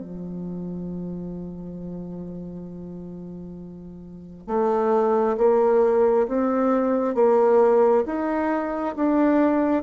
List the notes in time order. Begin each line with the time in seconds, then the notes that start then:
0.00 F3
4.47 A3
5.37 A#3
6.27 C4
7.14 A#3
8.06 D#4
8.96 D4